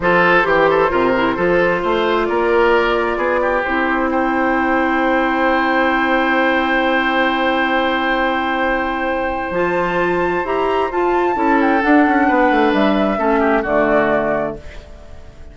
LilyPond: <<
  \new Staff \with { instrumentName = "flute" } { \time 4/4 \tempo 4 = 132 c''1~ | c''4 d''2. | c''4 g''2.~ | g''1~ |
g''1~ | g''4 a''2 ais''4 | a''4. g''8 fis''2 | e''2 d''2 | }
  \new Staff \with { instrumentName = "oboe" } { \time 4/4 a'4 g'8 a'8 ais'4 a'4 | c''4 ais'2 gis'8 g'8~ | g'4 c''2.~ | c''1~ |
c''1~ | c''1~ | c''4 a'2 b'4~ | b'4 a'8 g'8 fis'2 | }
  \new Staff \with { instrumentName = "clarinet" } { \time 4/4 f'4 g'4 f'8 e'8 f'4~ | f'1 | e'1~ | e'1~ |
e'1~ | e'4 f'2 g'4 | f'4 e'4 d'2~ | d'4 cis'4 a2 | }
  \new Staff \with { instrumentName = "bassoon" } { \time 4/4 f4 e4 c4 f4 | a4 ais2 b4 | c'1~ | c'1~ |
c'1~ | c'4 f2 e'4 | f'4 cis'4 d'8 cis'8 b8 a8 | g4 a4 d2 | }
>>